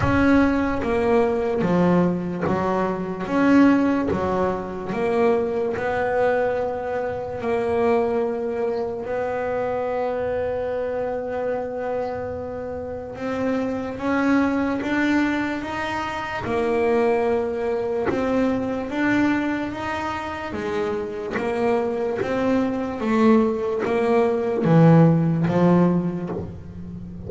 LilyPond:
\new Staff \with { instrumentName = "double bass" } { \time 4/4 \tempo 4 = 73 cis'4 ais4 f4 fis4 | cis'4 fis4 ais4 b4~ | b4 ais2 b4~ | b1 |
c'4 cis'4 d'4 dis'4 | ais2 c'4 d'4 | dis'4 gis4 ais4 c'4 | a4 ais4 e4 f4 | }